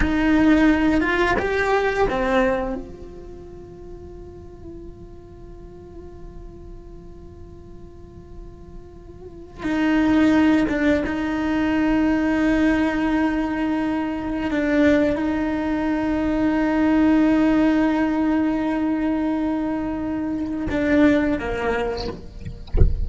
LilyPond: \new Staff \with { instrumentName = "cello" } { \time 4/4 \tempo 4 = 87 dis'4. f'8 g'4 c'4 | f'1~ | f'1~ | f'2 dis'4. d'8 |
dis'1~ | dis'4 d'4 dis'2~ | dis'1~ | dis'2 d'4 ais4 | }